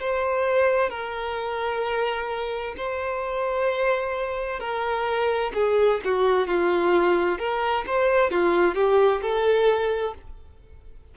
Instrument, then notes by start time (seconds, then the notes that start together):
violin
0.00 C5
0.90 A#4
2.77 C5
4.60 A#4
5.54 G#4
6.05 F#4
6.48 F4
7.38 A#4
7.87 C5
8.31 F4
8.75 G4
9.22 A4